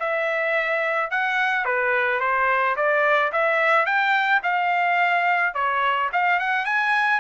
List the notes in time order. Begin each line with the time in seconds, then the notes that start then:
0.00 E5
1.11 F#5
1.65 B4
2.20 C5
2.77 D5
3.33 E5
3.86 G5
4.43 F5
5.55 C#5
6.13 F5
6.40 F#5
6.66 G#5